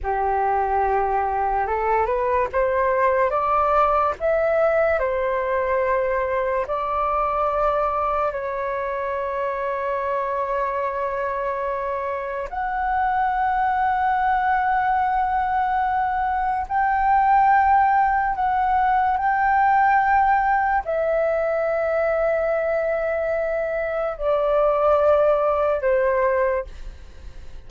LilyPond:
\new Staff \with { instrumentName = "flute" } { \time 4/4 \tempo 4 = 72 g'2 a'8 b'8 c''4 | d''4 e''4 c''2 | d''2 cis''2~ | cis''2. fis''4~ |
fis''1 | g''2 fis''4 g''4~ | g''4 e''2.~ | e''4 d''2 c''4 | }